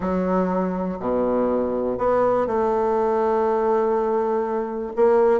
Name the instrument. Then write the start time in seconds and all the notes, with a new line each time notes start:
bassoon
0.00 F#3
0.99 B2
1.98 B3
2.46 A3
4.95 A#3